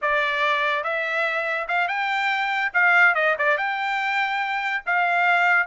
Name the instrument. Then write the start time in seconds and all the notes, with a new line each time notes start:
trumpet
0.01 D5
0.83 E5
1.67 F5
1.88 G5
2.73 F5
3.14 D#5
3.38 D5
3.57 G5
4.86 F5